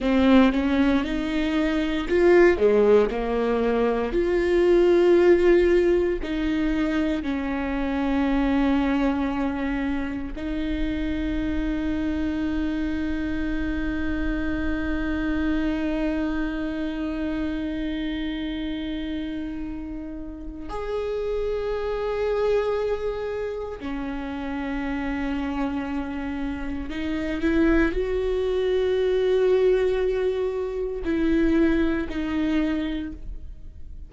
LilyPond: \new Staff \with { instrumentName = "viola" } { \time 4/4 \tempo 4 = 58 c'8 cis'8 dis'4 f'8 gis8 ais4 | f'2 dis'4 cis'4~ | cis'2 dis'2~ | dis'1~ |
dis'1 | gis'2. cis'4~ | cis'2 dis'8 e'8 fis'4~ | fis'2 e'4 dis'4 | }